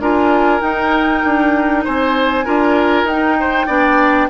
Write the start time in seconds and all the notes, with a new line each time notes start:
0.00 D4 F4 A#4 G#5
0.61 D#4 G5
1.25 D4
1.85 C4 C5 G#5
2.45 D4 F4 A#4
3.04 D#4 G5
3.10 D#4
3.40 C5
3.67 B3 D4 D5